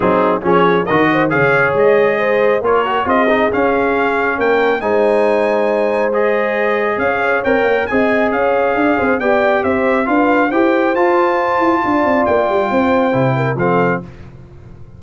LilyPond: <<
  \new Staff \with { instrumentName = "trumpet" } { \time 4/4 \tempo 4 = 137 gis'4 cis''4 dis''4 f''4 | dis''2 cis''4 dis''4 | f''2 g''4 gis''4~ | gis''2 dis''2 |
f''4 g''4 gis''4 f''4~ | f''4 g''4 e''4 f''4 | g''4 a''2. | g''2. f''4 | }
  \new Staff \with { instrumentName = "horn" } { \time 4/4 dis'4 gis'4 ais'8 c''8 cis''4~ | cis''4 c''4 ais'4 gis'4~ | gis'2 ais'4 c''4~ | c''1 |
cis''2 dis''4 cis''4 | d''8 c''8 d''4 c''4 b'4 | c''2. d''4~ | d''4 c''4. ais'8 a'4 | }
  \new Staff \with { instrumentName = "trombone" } { \time 4/4 c'4 cis'4 fis'4 gis'4~ | gis'2 f'8 fis'8 f'8 dis'8 | cis'2. dis'4~ | dis'2 gis'2~ |
gis'4 ais'4 gis'2~ | gis'4 g'2 f'4 | g'4 f'2.~ | f'2 e'4 c'4 | }
  \new Staff \with { instrumentName = "tuba" } { \time 4/4 fis4 f4 dis4 cis4 | gis2 ais4 c'4 | cis'2 ais4 gis4~ | gis1 |
cis'4 c'8 ais8 c'4 cis'4 | d'8 c'8 b4 c'4 d'4 | e'4 f'4. e'8 d'8 c'8 | ais8 g8 c'4 c4 f4 | }
>>